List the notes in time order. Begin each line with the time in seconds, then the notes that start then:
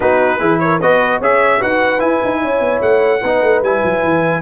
0.00 B3 D#4 F#4 B4
0.39 E3 E4 G#4
0.59 A#4 C#5
0.80 B3 F#4 B4 D#5
1.19 C#4 G#4 C#5 E5
1.58 D#4 F#4 B4 F#5
1.98 E4 G#5
2.24 D#4
2.41 C#4 C#5
2.60 B3
2.81 A3 F#5
3.21 B3 D#4 B4
3.41 A3
3.61 G3 E4 G#5
3.84 F#3
4.03 E3